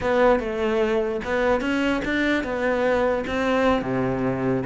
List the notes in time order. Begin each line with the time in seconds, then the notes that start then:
0.01 B3
0.39 A3
1.24 B3
1.61 C#4
2.05 D4
2.43 B3
3.26 C4
3.82 C3